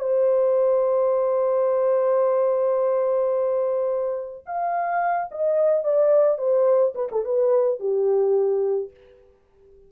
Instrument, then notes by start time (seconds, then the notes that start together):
horn
0.00 C5
4.46 F5
5.32 D#5
5.84 D5
6.38 C5
6.95 B4
7.12 A4
7.25 B4
7.80 G4